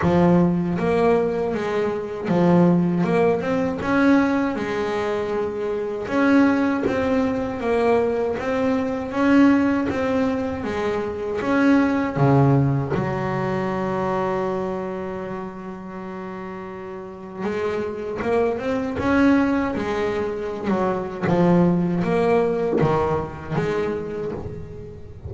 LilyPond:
\new Staff \with { instrumentName = "double bass" } { \time 4/4 \tempo 4 = 79 f4 ais4 gis4 f4 | ais8 c'8 cis'4 gis2 | cis'4 c'4 ais4 c'4 | cis'4 c'4 gis4 cis'4 |
cis4 fis2.~ | fis2. gis4 | ais8 c'8 cis'4 gis4~ gis16 fis8. | f4 ais4 dis4 gis4 | }